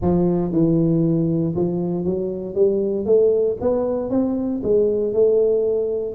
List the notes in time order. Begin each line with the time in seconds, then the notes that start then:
0.01 F3
0.52 E3
1.55 F3
2.05 F#3
2.55 G3
3.05 A3
3.60 B3
4.10 C4
4.63 G#3
5.13 A3